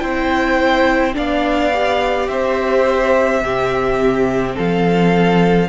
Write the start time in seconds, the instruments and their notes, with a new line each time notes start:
0.00 cello C4, viola E4, violin C5 G5
1.14 cello B3, viola D4, violin D5 F5
1.73 viola G4
2.29 cello C4, violin C5 E5
3.42 cello C3, viola C4, violin G4
4.56 cello F3, violin A4 F5